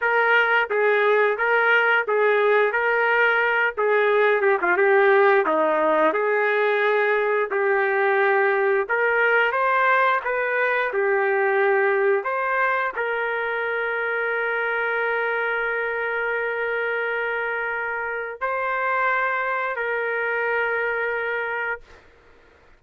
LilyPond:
\new Staff \with { instrumentName = "trumpet" } { \time 4/4 \tempo 4 = 88 ais'4 gis'4 ais'4 gis'4 | ais'4. gis'4 g'16 f'16 g'4 | dis'4 gis'2 g'4~ | g'4 ais'4 c''4 b'4 |
g'2 c''4 ais'4~ | ais'1~ | ais'2. c''4~ | c''4 ais'2. | }